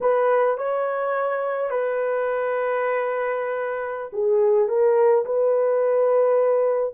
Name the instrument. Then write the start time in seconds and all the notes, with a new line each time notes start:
horn
0.01 B4
0.57 C#5
1.70 B4
4.12 G#4
4.68 A#4
5.25 B4